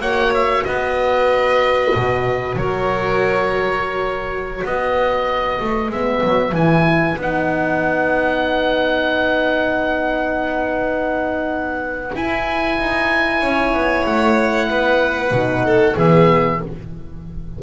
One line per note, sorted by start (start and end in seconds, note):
0.00 0.64 A#3
0.00 5.92 F#4
0.00 0.65 C#5
0.00 0.33 F#5
0.34 0.64 E5
0.64 1.95 B3
0.64 2.57 B4
0.64 2.56 D#5
1.95 2.55 B2
2.55 4.63 F#3
2.55 4.64 A#4
2.55 4.65 C#5
4.64 5.60 B3
4.64 13.41 B4
4.64 5.91 D#5
5.61 5.90 A3
5.90 6.22 G#3
5.90 6.54 B3
5.90 6.55 E5
6.23 6.52 F#3
6.52 7.16 E3
6.52 7.18 E4
6.52 7.19 G#5
7.17 12.11 B3
7.17 12.13 D#4
7.17 12.16 F#5
12.13 15.32 E4
12.13 12.78 E4
12.13 14.06 G#5
12.78 13.42 D#4
13.41 13.74 C#4
13.41 14.69 C#5
13.74 14.05 B3
14.06 14.70 A3
14.06 15.98 F#5
14.70 15.31 B3
14.70 15.65 B4
15.31 15.95 B2
15.31 15.97 D#4
15.65 15.97 A4
15.97 16.61 E3
15.97 16.62 B3
15.97 16.60 G#4
15.97 16.62 E5